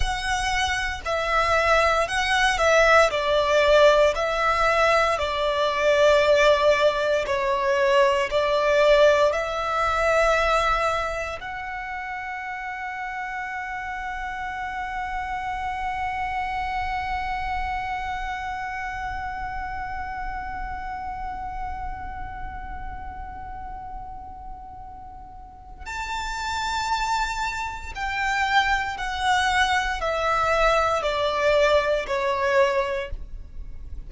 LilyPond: \new Staff \with { instrumentName = "violin" } { \time 4/4 \tempo 4 = 58 fis''4 e''4 fis''8 e''8 d''4 | e''4 d''2 cis''4 | d''4 e''2 fis''4~ | fis''1~ |
fis''1~ | fis''1~ | fis''4 a''2 g''4 | fis''4 e''4 d''4 cis''4 | }